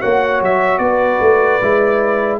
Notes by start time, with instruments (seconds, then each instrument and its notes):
0.00 tuba A#3, trombone F#4, horn C#5, trumpet F#5
0.41 tuba F#3, trumpet E5
0.78 tuba B3, horn B4, trumpet D5
1.20 tuba A3
1.61 tuba G#3, trombone E4